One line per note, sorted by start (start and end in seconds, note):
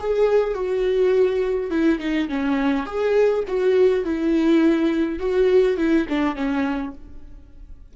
0.00 0.55 G#4
0.55 1.71 F#4
1.71 2.00 E4
2.00 2.29 D#4
2.29 2.86 C#4
2.86 3.44 G#4
3.48 4.05 F#4
4.05 5.20 E4
5.20 5.77 F#4
5.77 6.07 E4
6.09 6.36 D4
6.36 6.94 C#4